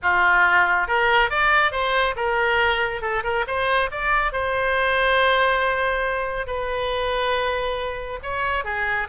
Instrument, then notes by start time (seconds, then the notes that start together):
oboe
0.02 F4
0.87 A#4
1.30 D5
1.71 C5
2.15 A#4
3.01 A4
3.23 A#4
3.47 C5
3.91 D5
4.32 C5
6.46 B4
8.22 C#5
8.64 G#4